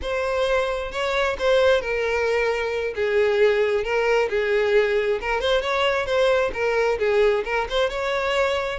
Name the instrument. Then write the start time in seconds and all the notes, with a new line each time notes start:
violin
0.02 C5
0.91 C#5
1.38 C5
1.81 A#4
2.95 G#4
3.83 A#4
4.29 G#4
5.20 A#4
5.40 C5
5.61 C#5
6.06 C5
6.53 A#4
6.98 G#4
7.44 A#4
7.69 C5
7.89 C#5